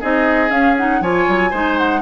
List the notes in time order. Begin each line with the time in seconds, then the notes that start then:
0.00 C4 D#4 G#4 D#5
0.49 C#4 F5
0.77 D#4 F#5
1.01 F3 F4 C#5 G#5
1.28 F#3
1.50 G#3 D#4 C5
1.78 F#5